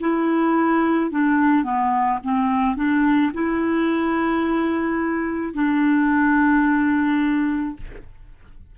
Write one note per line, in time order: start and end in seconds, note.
0.00 1.11 E4
1.11 1.64 D4
1.64 2.19 B3
2.23 2.76 C4
2.76 3.31 D4
3.33 5.54 E4
5.54 7.76 D4